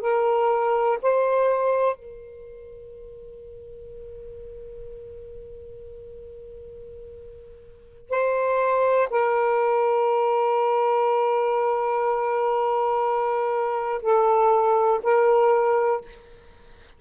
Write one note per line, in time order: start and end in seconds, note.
0.00 0.98 A#4
1.02 1.95 C5
1.95 8.10 A#4
8.10 9.08 C5
9.10 14.02 A#4
14.02 15.00 A4
15.03 16.01 A#4